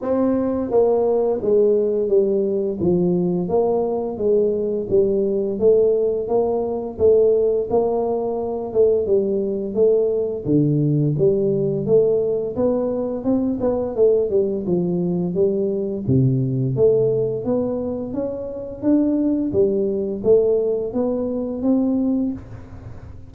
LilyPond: \new Staff \with { instrumentName = "tuba" } { \time 4/4 \tempo 4 = 86 c'4 ais4 gis4 g4 | f4 ais4 gis4 g4 | a4 ais4 a4 ais4~ | ais8 a8 g4 a4 d4 |
g4 a4 b4 c'8 b8 | a8 g8 f4 g4 c4 | a4 b4 cis'4 d'4 | g4 a4 b4 c'4 | }